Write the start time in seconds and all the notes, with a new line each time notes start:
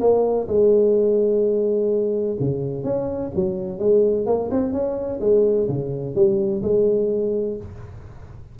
0.00 A#3
0.48 G#3
2.40 C#3
2.84 C#4
3.35 F#3
3.79 G#3
4.26 A#3
4.51 C4
4.73 C#4
5.20 G#3
5.68 C#3
6.15 G3
6.62 G#3